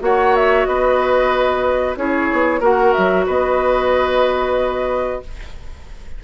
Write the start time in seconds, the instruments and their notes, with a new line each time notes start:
0.00 bassoon A#3, clarinet F#4, oboe C#5, flute F#5
0.36 flute E5
0.65 bassoon B3, oboe B4, flute D#5
1.97 bassoon C#4, clarinet E4, oboe G#4, flute C#5
2.33 bassoon B3
2.60 bassoon A#3, clarinet F#4, oboe A#4, flute F#5
2.93 bassoon F#3, flute E5
3.26 bassoon B3, oboe B4, flute D#5